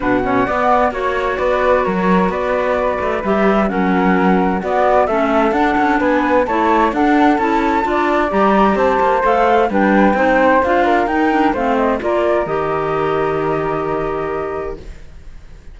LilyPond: <<
  \new Staff \with { instrumentName = "flute" } { \time 4/4 \tempo 4 = 130 fis''2 cis''4 d''4 | cis''4 d''2 e''4 | fis''2 d''4 e''4 | fis''4 gis''4 a''4 fis''4 |
a''2 ais''4 a''4 | f''4 g''2 f''4 | g''4 f''8 dis''8 d''4 dis''4~ | dis''1 | }
  \new Staff \with { instrumentName = "flute" } { \time 4/4 b'8 cis''8 d''4 cis''4 b'4 | ais'4 b'2. | ais'2 fis'4 a'4~ | a'4 b'4 cis''4 a'4~ |
a'4 d''2 c''4~ | c''4 b'4 c''4. ais'8~ | ais'4 c''4 ais'2~ | ais'1 | }
  \new Staff \with { instrumentName = "clarinet" } { \time 4/4 d'8 cis'8 b4 fis'2~ | fis'2. g'4 | cis'2 b4 cis'4 | d'2 e'4 d'4 |
e'4 f'4 g'2 | a'4 d'4 dis'4 f'4 | dis'8 d'8 c'4 f'4 g'4~ | g'1 | }
  \new Staff \with { instrumentName = "cello" } { \time 4/4 b,4 b4 ais4 b4 | fis4 b4. a8 g4 | fis2 b4 a4 | d'8 cis'8 b4 a4 d'4 |
cis'4 d'4 g4 c'8 ais8 | a4 g4 c'4 d'4 | dis'4 a4 ais4 dis4~ | dis1 | }
>>